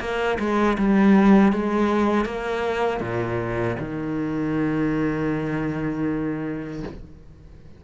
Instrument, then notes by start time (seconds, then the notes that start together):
cello
0.00 A#3
0.39 G#3
0.78 G3
1.53 G#3
2.25 A#3
3.01 A#2
3.79 D#3